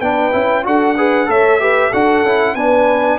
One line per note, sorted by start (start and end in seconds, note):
0.00 0.32 B3
0.00 0.32 D4
0.00 0.64 B4
0.00 0.65 G5
0.32 0.66 C#4
0.32 0.64 E4
0.64 1.28 D4
0.64 0.95 F#4
0.64 0.97 A4
0.64 1.30 F#5
0.97 1.27 G#4
0.97 1.29 B4
1.27 1.92 A3
1.27 1.59 A4
1.27 1.61 C#5
1.27 1.93 E5
1.60 1.92 G4
1.60 1.90 B4
1.90 2.23 D4
1.90 2.25 F#4
1.90 2.54 A4
1.90 2.55 F#5
2.23 2.55 C#4
2.23 2.57 E4
2.55 3.19 B3
2.55 3.19 D4
2.55 3.19 B4
2.55 3.19 G#5